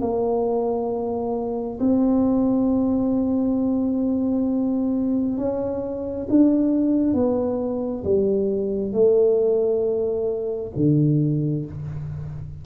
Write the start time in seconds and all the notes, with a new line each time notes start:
0.00 A#3
1.80 C4
5.37 C#4
6.29 D4
7.14 B3
8.04 G3
8.92 A3
10.76 D3